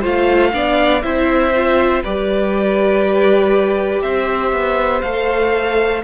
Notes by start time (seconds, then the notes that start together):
0.00 A3 F4 C5 F5
0.53 B3 D4 D5
1.02 C4 E4 C5 E5
1.55 F4
2.02 G3 G4 B4 D5
4.02 C4 C5 E5
4.52 B3
5.01 A3 A4 F5